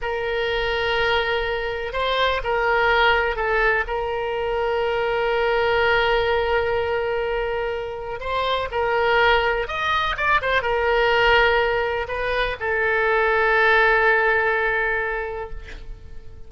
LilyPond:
\new Staff \with { instrumentName = "oboe" } { \time 4/4 \tempo 4 = 124 ais'1 | c''4 ais'2 a'4 | ais'1~ | ais'1~ |
ais'4 c''4 ais'2 | dis''4 d''8 c''8 ais'2~ | ais'4 b'4 a'2~ | a'1 | }